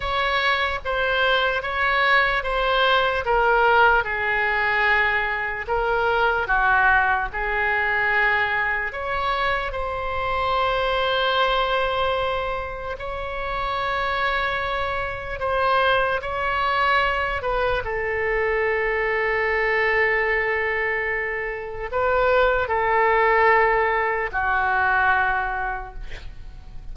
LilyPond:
\new Staff \with { instrumentName = "oboe" } { \time 4/4 \tempo 4 = 74 cis''4 c''4 cis''4 c''4 | ais'4 gis'2 ais'4 | fis'4 gis'2 cis''4 | c''1 |
cis''2. c''4 | cis''4. b'8 a'2~ | a'2. b'4 | a'2 fis'2 | }